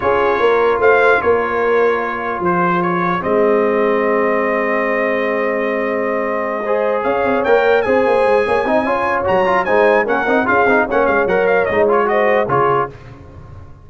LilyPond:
<<
  \new Staff \with { instrumentName = "trumpet" } { \time 4/4 \tempo 4 = 149 cis''2 f''4 cis''4~ | cis''2 c''4 cis''4 | dis''1~ | dis''1~ |
dis''4. f''4 g''4 gis''8~ | gis''2. ais''4 | gis''4 fis''4 f''4 fis''8 f''8 | fis''8 f''8 dis''8 cis''8 dis''4 cis''4 | }
  \new Staff \with { instrumentName = "horn" } { \time 4/4 gis'4 ais'4 c''4 ais'4~ | ais'2 gis'2~ | gis'1~ | gis'1~ |
gis'8 c''4 cis''2 c''8~ | c''4 cis''8 dis''8 cis''2 | c''4 ais'4 gis'4 cis''4~ | cis''2 c''4 gis'4 | }
  \new Staff \with { instrumentName = "trombone" } { \time 4/4 f'1~ | f'1 | c'1~ | c'1~ |
c'8 gis'2 ais'4 gis'8~ | gis'4. dis'8 f'4 fis'8 f'8 | dis'4 cis'8 dis'8 f'8 dis'8 cis'4 | ais'4 dis'8 f'8 fis'4 f'4 | }
  \new Staff \with { instrumentName = "tuba" } { \time 4/4 cis'4 ais4 a4 ais4~ | ais2 f2 | gis1~ | gis1~ |
gis4. cis'8 c'8 ais4 c'8 | ais8 gis8 ais8 c'8 cis'4 fis4 | gis4 ais8 c'8 cis'8 c'8 ais8 gis8 | fis4 gis2 cis4 | }
>>